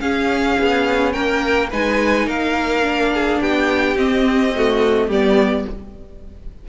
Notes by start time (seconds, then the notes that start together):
0.00 C#4 G#4 F5
0.60 B3
1.13 A#3 A#4 G5
1.71 G#3 D#4 B4 G#5
2.27 A#3 A#4 F5
2.83 D4
3.14 G#4
3.41 B3 G4 G5
3.97 C4 D#5
4.56 A3 F#4
5.08 G3 B3 G4 D5